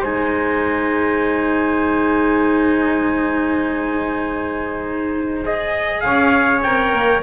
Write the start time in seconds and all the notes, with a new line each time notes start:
0.00 G#3 D#4 C5 G#5
5.45 G#4 D#5
6.01 C#4 C#5 F5
6.63 C4 A#4 G5
6.92 A#3